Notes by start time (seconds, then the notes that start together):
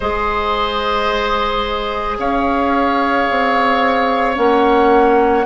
0.00 G#3 G#4 C5 D#5
2.18 C#4 C#5 F5
3.30 C4
4.35 A#3 C#4 F#5